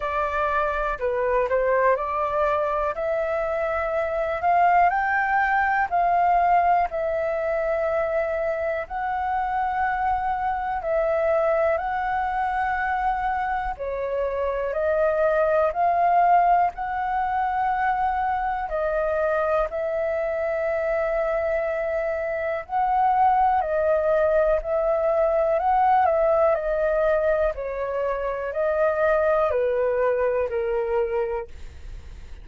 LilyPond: \new Staff \with { instrumentName = "flute" } { \time 4/4 \tempo 4 = 61 d''4 b'8 c''8 d''4 e''4~ | e''8 f''8 g''4 f''4 e''4~ | e''4 fis''2 e''4 | fis''2 cis''4 dis''4 |
f''4 fis''2 dis''4 | e''2. fis''4 | dis''4 e''4 fis''8 e''8 dis''4 | cis''4 dis''4 b'4 ais'4 | }